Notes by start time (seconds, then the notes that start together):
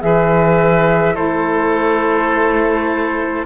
0.00 E3 G#4 B4 E5
1.14 A3 E4 A4 C5